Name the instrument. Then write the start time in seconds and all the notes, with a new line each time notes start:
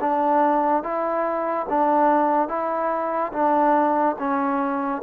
trombone
0.00 D4
0.83 E4
1.69 D4
2.48 E4
3.33 D4
4.19 C#4